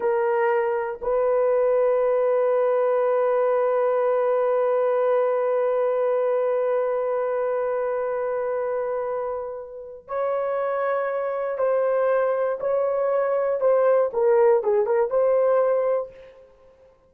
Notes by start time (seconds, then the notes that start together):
0.00 A#4
1.01 B4
10.07 C#5
11.58 C5
12.60 C#5
13.60 C5
14.13 A#4
14.63 G#4
14.86 A#4
15.10 C5